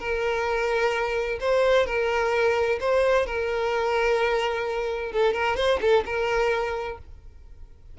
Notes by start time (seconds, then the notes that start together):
0.00 A#4
1.41 C5
1.87 A#4
2.81 C5
3.27 A#4
5.13 A4
5.34 A#4
5.57 C5
5.81 A4
6.06 A#4